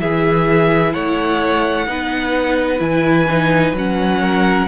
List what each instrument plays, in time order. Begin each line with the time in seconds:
0.00 cello E3, viola E4, violin G#4 E5
0.94 cello A3, violin C#5 F#5
1.87 cello B3, viola D#4, violin B4
2.79 cello E3, viola E4, violin G#5
3.29 viola D#4
3.73 cello F#3, viola C#4, violin F#5
4.22 violin A#4